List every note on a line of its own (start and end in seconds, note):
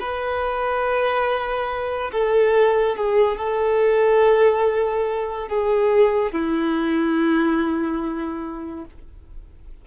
0.00 2.11 B4
2.12 2.96 A4
2.96 3.37 G#4
3.37 5.49 A4
5.49 6.32 G#4
6.32 8.85 E4